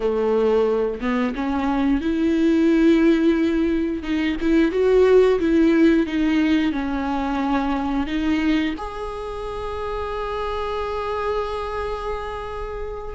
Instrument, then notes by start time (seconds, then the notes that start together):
viola
0.00 A3
1.00 B3
1.35 C#4
2.00 E4
4.02 D#4
4.40 E4
4.71 F#4
5.39 E4
6.06 D#4
6.72 C#4
8.07 D#4
8.77 G#4